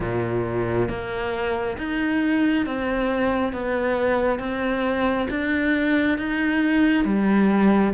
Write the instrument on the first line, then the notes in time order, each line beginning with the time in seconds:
cello
0.00 A#2
0.88 A#3
1.77 D#4
2.66 C4
3.52 B3
4.39 C4
5.29 D4
6.18 D#4
7.05 G3